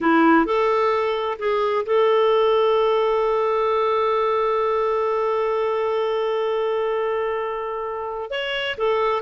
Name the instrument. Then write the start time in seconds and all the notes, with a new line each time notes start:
clarinet
0.01 E4
0.45 A4
1.38 G#4
1.85 A4
8.30 C#5
8.77 A4